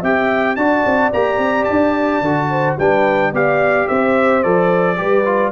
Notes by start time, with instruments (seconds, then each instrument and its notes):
0.00 tuba C4, trombone G4, horn E5, trumpet G5
0.56 tuba D4, trombone F#4, horn D5, trumpet A5
0.85 tuba C4
1.13 tuba A#3, trombone G4, trumpet A#5
1.38 tuba C4
1.64 tuba D4, trumpet A5
2.21 tuba D3, trombone F#4
2.50 horn C5
2.77 tuba G3, trombone D4, horn B4, trumpet G5
3.32 tuba B3, trombone G4, horn D5, trumpet F5
3.87 tuba C4, horn C5, trumpet E5
4.43 tuba F3, trombone A4, trumpet D5
4.96 tuba G3, trombone G4, horn B4
5.25 trombone F4